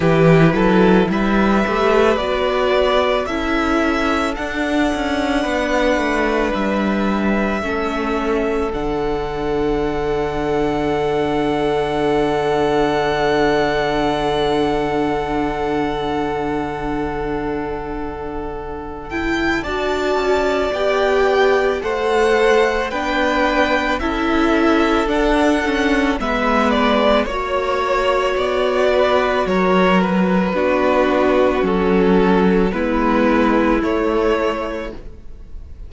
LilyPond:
<<
  \new Staff \with { instrumentName = "violin" } { \time 4/4 \tempo 4 = 55 b'4 e''4 d''4 e''4 | fis''2 e''2 | fis''1~ | fis''1~ |
fis''4. g''8 a''4 g''4 | fis''4 g''4 e''4 fis''4 | e''8 d''8 cis''4 d''4 cis''8 b'8~ | b'4 a'4 b'4 cis''4 | }
  \new Staff \with { instrumentName = "violin" } { \time 4/4 g'8 a'8 b'2 a'4~ | a'4 b'2 a'4~ | a'1~ | a'1~ |
a'2 d''2 | c''4 b'4 a'2 | b'4 cis''4. b'8 ais'4 | fis'2 e'2 | }
  \new Staff \with { instrumentName = "viola" } { \time 4/4 e'4. g'8 fis'4 e'4 | d'2. cis'4 | d'1~ | d'1~ |
d'4. e'8 fis'4 g'4 | a'4 d'4 e'4 d'8 cis'8 | b4 fis'2. | d'4 cis'4 b4 a4 | }
  \new Staff \with { instrumentName = "cello" } { \time 4/4 e8 fis8 g8 a8 b4 cis'4 | d'8 cis'8 b8 a8 g4 a4 | d1~ | d1~ |
d2 d'8 cis'8 b4 | a4 b4 cis'4 d'4 | gis4 ais4 b4 fis4 | b4 fis4 gis4 a4 | }
>>